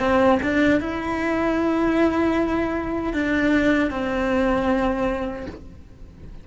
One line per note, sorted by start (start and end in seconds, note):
0.00 0.39 C4
0.43 0.81 D4
0.81 3.13 E4
3.13 3.91 D4
3.91 5.47 C4